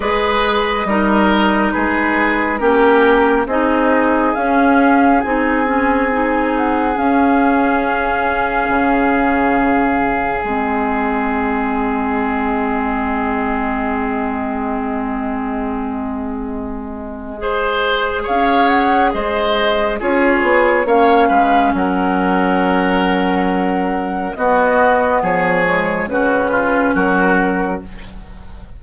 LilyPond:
<<
  \new Staff \with { instrumentName = "flute" } { \time 4/4 \tempo 4 = 69 dis''2 b'4 ais'4 | dis''4 f''4 gis''4. fis''8 | f''1 | dis''1~ |
dis''1~ | dis''4 f''8 fis''8 dis''4 cis''4 | f''4 fis''2. | dis''4 cis''4 b'4 ais'4 | }
  \new Staff \with { instrumentName = "oboe" } { \time 4/4 b'4 ais'4 gis'4 g'4 | gis'1~ | gis'1~ | gis'1~ |
gis'1 | c''4 cis''4 c''4 gis'4 | cis''8 b'8 ais'2. | fis'4 gis'4 fis'8 f'8 fis'4 | }
  \new Staff \with { instrumentName = "clarinet" } { \time 4/4 gis'4 dis'2 cis'4 | dis'4 cis'4 dis'8 cis'8 dis'4 | cis'1 | c'1~ |
c'1 | gis'2. f'4 | cis'1 | b4. gis8 cis'2 | }
  \new Staff \with { instrumentName = "bassoon" } { \time 4/4 gis4 g4 gis4 ais4 | c'4 cis'4 c'2 | cis'2 cis2 | gis1~ |
gis1~ | gis4 cis'4 gis4 cis'8 b8 | ais8 gis8 fis2. | b4 f4 cis4 fis4 | }
>>